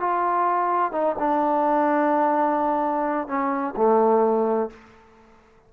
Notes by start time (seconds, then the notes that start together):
0.00 F4
0.92 D#4
1.19 D4
3.27 C#4
3.76 A3